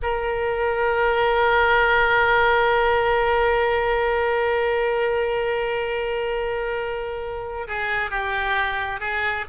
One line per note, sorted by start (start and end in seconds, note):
0.02 7.67 A#4
7.67 8.10 G#4
8.10 9.00 G4
9.00 9.45 G#4